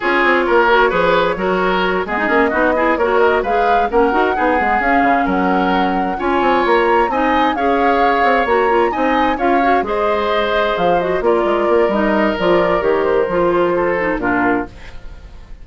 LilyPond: <<
  \new Staff \with { instrumentName = "flute" } { \time 4/4 \tempo 4 = 131 cis''1~ | cis''8 dis''2 cis''8 dis''8 f''8~ | f''8 fis''2 f''4 fis''8~ | fis''4. gis''4 ais''4 gis''8~ |
gis''8 f''2 ais''4 gis''8~ | gis''8 f''4 dis''2 f''8 | dis''8 d''4. dis''4 d''4 | cis''8 c''2~ c''8 ais'4 | }
  \new Staff \with { instrumentName = "oboe" } { \time 4/4 gis'4 ais'4 b'4 ais'4~ | ais'8 gis'4 fis'8 gis'8 ais'4 b'8~ | b'8 ais'4 gis'2 ais'8~ | ais'4. cis''2 dis''8~ |
dis''8 cis''2. dis''8~ | dis''8 cis''4 c''2~ c''8~ | c''8 ais'2.~ ais'8~ | ais'2 a'4 f'4 | }
  \new Staff \with { instrumentName = "clarinet" } { \time 4/4 f'4. fis'8 gis'4 fis'4~ | fis'8 b16 dis'16 cis'8 dis'8 e'8 fis'4 gis'8~ | gis'8 cis'8 fis'8 dis'8 b8 cis'4.~ | cis'4. f'2 dis'8~ |
dis'8 gis'2 fis'8 f'8 dis'8~ | dis'8 f'8 fis'8 gis'2~ gis'8 | fis'8 f'4. dis'4 f'4 | g'4 f'4. dis'8 d'4 | }
  \new Staff \with { instrumentName = "bassoon" } { \time 4/4 cis'8 c'8 ais4 f4 fis4~ | fis8 gis8 ais8 b4 ais4 gis8~ | gis8 ais8 dis'8 b8 gis8 cis'8 cis8 fis8~ | fis4. cis'8 c'8 ais4 c'8~ |
c'8 cis'4. c'8 ais4 c'8~ | c'8 cis'4 gis2 f8~ | f8 ais8 gis8 ais8 g4 f4 | dis4 f2 ais,4 | }
>>